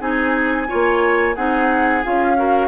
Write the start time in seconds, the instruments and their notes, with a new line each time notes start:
0.00 bassoon C4, clarinet D#4, oboe G#4, flute G#5
0.68 bassoon A#3, clarinet F4, oboe C#5
1.36 bassoon C4, clarinet D#4, oboe G#4, flute F#5
2.04 bassoon C#4, clarinet F4, flute F5
2.37 clarinet F#4, oboe A#4